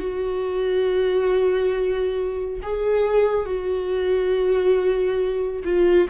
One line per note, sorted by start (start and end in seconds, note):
0.00 2.61 F#4
2.63 3.46 G#4
3.46 5.64 F#4
5.65 6.09 F4